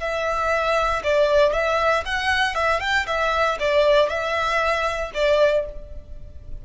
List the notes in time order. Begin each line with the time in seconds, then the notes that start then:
0.00 E5
1.04 D5
1.53 E5
2.05 F#5
2.55 E5
2.80 G5
3.07 E5
3.60 D5
4.09 E5
5.14 D5